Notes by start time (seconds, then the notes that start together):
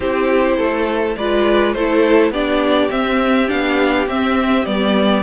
0.00 C4 E4 G4 C5
0.57 A3 A4
1.16 G#3 F4 B4 D5
1.73 A3 E4 A4 C5
2.30 B3 D4 G4 D5
2.89 C4 E5
3.47 B3 D4 F5
4.06 C4 E5
4.65 G3 B3 D5